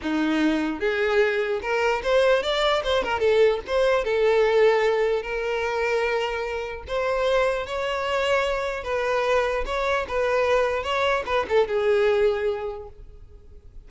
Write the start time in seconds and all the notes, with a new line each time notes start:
0.02 D#4
0.79 G#4
1.61 A#4
2.03 C5
2.42 D5
2.83 C5
3.03 A#4
3.19 A4
3.66 C5
4.04 A4
5.22 A#4
6.87 C5
7.66 C#5
8.83 B4
9.65 C#5
10.08 B4
10.83 C#5
11.25 B4
11.48 A4
11.67 G#4